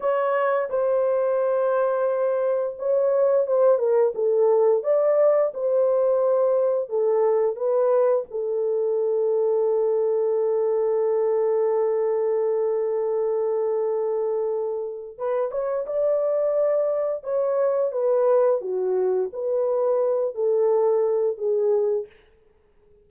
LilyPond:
\new Staff \with { instrumentName = "horn" } { \time 4/4 \tempo 4 = 87 cis''4 c''2. | cis''4 c''8 ais'8 a'4 d''4 | c''2 a'4 b'4 | a'1~ |
a'1~ | a'2 b'8 cis''8 d''4~ | d''4 cis''4 b'4 fis'4 | b'4. a'4. gis'4 | }